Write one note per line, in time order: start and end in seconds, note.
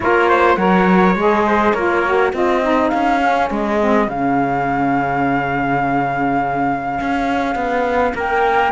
0.00 0.57 A#3
0.00 0.58 F4
0.00 0.28 A#4
0.00 0.55 C#5
0.28 0.57 C5
0.55 1.15 F#3
0.55 1.16 A#4
0.55 1.45 C#5
0.55 1.13 F#5
1.15 1.73 G#3
1.15 1.76 G#4
1.15 1.73 D#5
1.46 1.74 C5
1.73 2.32 A#3
1.73 2.05 F4
1.73 2.33 A#4
1.73 2.31 C#5
2.05 2.33 F#4
2.32 2.91 C4
2.32 2.62 F4
2.32 8.15 G#4
2.32 2.89 D#5
2.62 3.20 D#4
2.89 3.50 C#4
2.89 3.47 F5
3.20 3.79 C#4
3.50 4.07 G#3
3.50 4.09 D#5
3.79 4.08 C4
4.07 6.99 C#3
4.07 8.71 C#4
4.07 8.17 F5
7.00 7.55 C#4
7.55 8.13 B3
8.14 8.71 A#3
8.14 8.71 A#4
8.14 8.71 G5